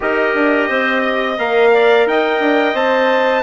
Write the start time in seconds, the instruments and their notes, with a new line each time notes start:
0.00 bassoon D#4, trombone G4, clarinet A#4, trumpet D#5
0.34 bassoon D4
0.69 bassoon C4, clarinet C5
1.01 clarinet D#5
1.38 bassoon A#3, trombone A#4, trumpet F5
1.73 clarinet D5
2.06 bassoon D#4, clarinet D#5, trumpet G5
2.40 bassoon D4
2.74 bassoon C4, trombone C5, trumpet A5